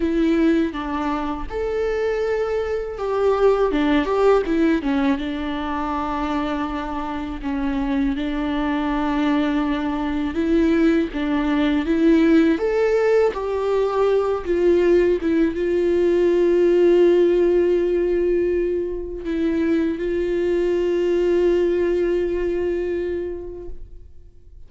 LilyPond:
\new Staff \with { instrumentName = "viola" } { \time 4/4 \tempo 4 = 81 e'4 d'4 a'2 | g'4 d'8 g'8 e'8 cis'8 d'4~ | d'2 cis'4 d'4~ | d'2 e'4 d'4 |
e'4 a'4 g'4. f'8~ | f'8 e'8 f'2.~ | f'2 e'4 f'4~ | f'1 | }